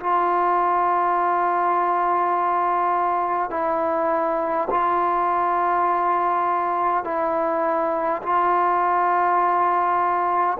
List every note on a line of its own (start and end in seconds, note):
0.00 3.51 F4
3.51 4.68 E4
4.71 7.05 F4
7.05 8.22 E4
8.23 10.58 F4